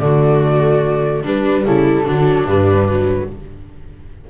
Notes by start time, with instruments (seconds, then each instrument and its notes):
0.00 double bass D3, viola A3 F#4, flute D5
1.23 double bass G3, viola G3 D4, flute B4
1.65 double bass C#3, viola E4, flute A4
2.04 double bass D3, viola F#3 D4
2.46 double bass G2, viola G3, flute B4
2.88 viola F#3